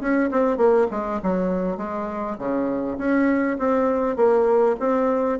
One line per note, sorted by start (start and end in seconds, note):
0.00 0.30 C#4
0.31 0.57 C4
0.57 0.87 A#3
0.90 1.20 G#3
1.23 1.77 F#3
1.77 2.36 G#3
2.38 2.97 C#3
2.98 3.57 C#4
3.58 4.16 C4
4.16 4.76 A#3
4.80 5.39 C4